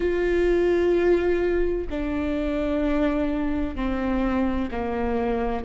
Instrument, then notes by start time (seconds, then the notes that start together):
viola
0.00 F4
1.90 D4
3.75 C4
4.71 A#3